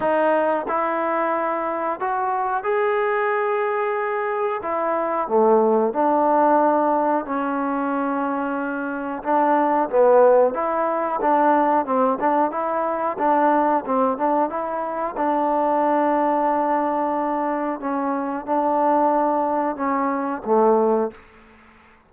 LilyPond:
\new Staff \with { instrumentName = "trombone" } { \time 4/4 \tempo 4 = 91 dis'4 e'2 fis'4 | gis'2. e'4 | a4 d'2 cis'4~ | cis'2 d'4 b4 |
e'4 d'4 c'8 d'8 e'4 | d'4 c'8 d'8 e'4 d'4~ | d'2. cis'4 | d'2 cis'4 a4 | }